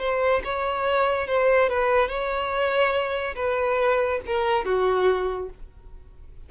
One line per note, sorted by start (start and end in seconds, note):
0.00 0.42 C5
0.45 1.28 C#5
1.28 1.70 C5
1.70 2.09 B4
2.09 3.36 C#5
3.36 4.21 B4
4.26 4.66 A#4
4.66 5.50 F#4